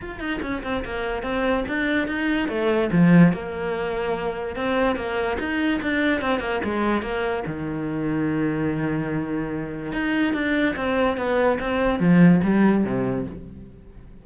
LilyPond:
\new Staff \with { instrumentName = "cello" } { \time 4/4 \tempo 4 = 145 f'8 dis'8 cis'8 c'8 ais4 c'4 | d'4 dis'4 a4 f4 | ais2. c'4 | ais4 dis'4 d'4 c'8 ais8 |
gis4 ais4 dis2~ | dis1 | dis'4 d'4 c'4 b4 | c'4 f4 g4 c4 | }